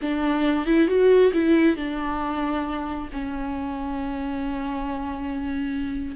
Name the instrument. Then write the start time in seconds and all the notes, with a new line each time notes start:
viola
0.01 D4
0.66 E4
0.87 F#4
1.33 E4
1.76 D4
3.12 C#4